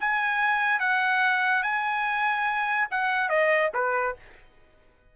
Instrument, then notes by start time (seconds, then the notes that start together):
trumpet
0.00 G#5
0.79 F#5
1.63 G#5
2.91 F#5
3.29 D#5
3.74 B4